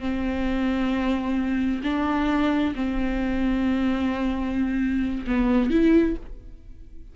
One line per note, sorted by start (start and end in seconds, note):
0.00 1.82 C4
1.83 2.74 D4
2.75 5.25 C4
5.27 5.70 B3
5.70 6.16 E4